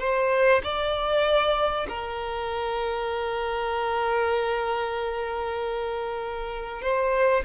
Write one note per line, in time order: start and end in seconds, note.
0.00 0.62 C5
0.63 1.87 D5
1.89 6.82 A#4
6.82 7.44 C5